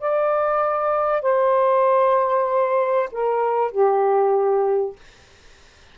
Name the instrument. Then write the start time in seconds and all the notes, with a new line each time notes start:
saxophone
0.00 D5
1.22 C5
3.12 A#4
3.72 G4